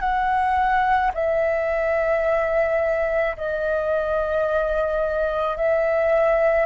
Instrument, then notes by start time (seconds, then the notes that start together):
flute
0.00 F#5
1.14 E5
3.37 D#5
5.57 E5